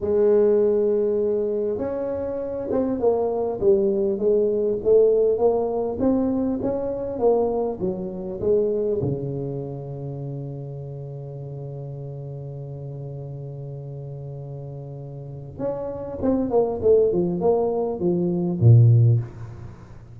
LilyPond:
\new Staff \with { instrumentName = "tuba" } { \time 4/4 \tempo 4 = 100 gis2. cis'4~ | cis'8 c'8 ais4 g4 gis4 | a4 ais4 c'4 cis'4 | ais4 fis4 gis4 cis4~ |
cis1~ | cis1~ | cis2 cis'4 c'8 ais8 | a8 f8 ais4 f4 ais,4 | }